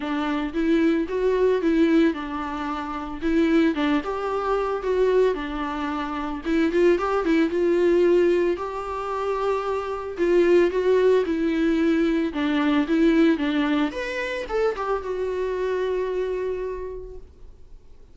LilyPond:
\new Staff \with { instrumentName = "viola" } { \time 4/4 \tempo 4 = 112 d'4 e'4 fis'4 e'4 | d'2 e'4 d'8 g'8~ | g'4 fis'4 d'2 | e'8 f'8 g'8 e'8 f'2 |
g'2. f'4 | fis'4 e'2 d'4 | e'4 d'4 b'4 a'8 g'8 | fis'1 | }